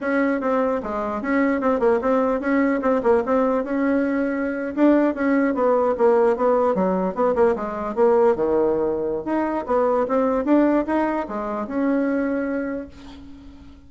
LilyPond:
\new Staff \with { instrumentName = "bassoon" } { \time 4/4 \tempo 4 = 149 cis'4 c'4 gis4 cis'4 | c'8 ais8 c'4 cis'4 c'8 ais8 | c'4 cis'2~ cis'8. d'16~ | d'8. cis'4 b4 ais4 b16~ |
b8. fis4 b8 ais8 gis4 ais16~ | ais8. dis2~ dis16 dis'4 | b4 c'4 d'4 dis'4 | gis4 cis'2. | }